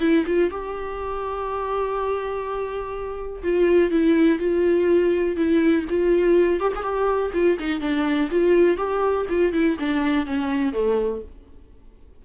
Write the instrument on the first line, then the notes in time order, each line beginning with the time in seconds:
viola
0.00 E4
0.26 F4
0.50 G4
3.43 F4
3.91 E4
4.39 F4
5.37 E4
5.90 F4
6.60 G4
6.76 G#4
6.83 G4
7.34 F4
7.59 D#4
7.81 D4
8.31 F4
8.77 G4
9.29 F4
9.53 E4
9.80 D4
10.26 C#4
10.73 A3